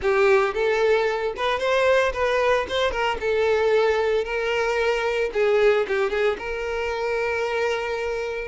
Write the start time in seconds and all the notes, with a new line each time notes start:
0.01 G4
0.54 A4
1.36 B4
1.59 C5
2.13 B4
2.68 C5
2.91 A#4
3.20 A4
4.24 A#4
5.33 G#4
5.88 G4
6.10 G#4
6.38 A#4